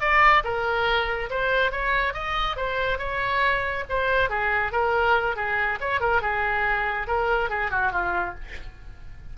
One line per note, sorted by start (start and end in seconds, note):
0.00 0.43 D5
0.44 1.30 A#4
1.30 1.72 C5
1.72 2.14 C#5
2.14 2.56 D#5
2.56 2.98 C5
2.98 3.84 C#5
3.89 4.30 C5
4.30 4.72 G#4
4.72 5.36 A#4
5.36 5.79 G#4
5.80 6.00 C#5
6.00 6.21 A#4
6.21 7.07 G#4
7.07 7.49 A#4
7.49 7.71 G#4
7.71 7.92 F#4
7.92 8.35 F4